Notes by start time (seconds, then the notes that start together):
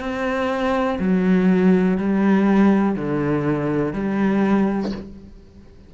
0.00 C4
0.99 F#3
1.98 G3
2.96 D3
3.93 G3